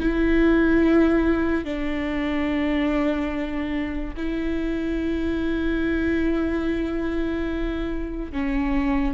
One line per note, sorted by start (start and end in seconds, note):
0.00 1.64 E4
1.64 4.14 D4
4.17 8.32 E4
8.32 9.14 C#4